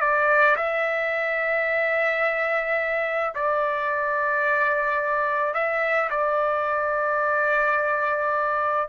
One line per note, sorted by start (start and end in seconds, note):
0.00 0.56 D5
0.56 3.34 E5
3.34 5.54 D5
5.54 6.09 E5
6.10 8.88 D5